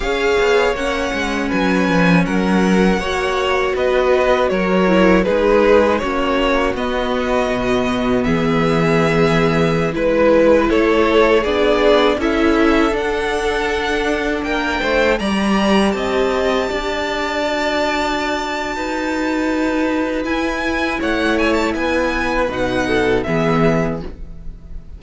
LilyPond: <<
  \new Staff \with { instrumentName = "violin" } { \time 4/4 \tempo 4 = 80 f''4 fis''4 gis''4 fis''4~ | fis''4 dis''4 cis''4 b'4 | cis''4 dis''2 e''4~ | e''4~ e''16 b'4 cis''4 d''8.~ |
d''16 e''4 fis''2 g''8.~ | g''16 ais''4 a''2~ a''8.~ | a''2. gis''4 | fis''8 gis''16 a''16 gis''4 fis''4 e''4 | }
  \new Staff \with { instrumentName = "violin" } { \time 4/4 cis''2 b'4 ais'4 | cis''4 b'4 ais'4 gis'4 | fis'2. gis'4~ | gis'4~ gis'16 b'4 a'4 gis'8.~ |
gis'16 a'2. ais'8 c''16~ | c''16 d''4 dis''4 d''4.~ d''16~ | d''4 b'2. | cis''4 b'4. a'8 gis'4 | }
  \new Staff \with { instrumentName = "viola" } { \time 4/4 gis'4 cis'2. | fis'2~ fis'8 e'8 dis'4 | cis'4 b2.~ | b4~ b16 e'2 d'8.~ |
d'16 e'4 d'2~ d'8.~ | d'16 g'2. fis'8.~ | fis'2. e'4~ | e'2 dis'4 b4 | }
  \new Staff \with { instrumentName = "cello" } { \time 4/4 cis'8 b8 ais8 gis8 fis8 f8 fis4 | ais4 b4 fis4 gis4 | ais4 b4 b,4 e4~ | e4~ e16 gis4 a4 b8.~ |
b16 cis'4 d'2 ais8 a16~ | a16 g4 c'4 d'4.~ d'16~ | d'4 dis'2 e'4 | a4 b4 b,4 e4 | }
>>